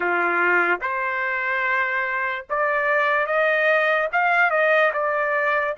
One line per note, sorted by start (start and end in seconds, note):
0.00 0.80 F4
0.81 2.45 C5
2.49 3.26 D5
3.26 4.08 D#5
4.12 4.50 F5
4.50 4.91 D#5
4.93 5.75 D5